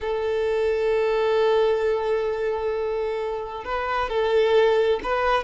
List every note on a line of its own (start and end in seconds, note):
0.00 3.64 A4
3.64 4.09 B4
4.09 5.00 A4
5.03 5.43 B4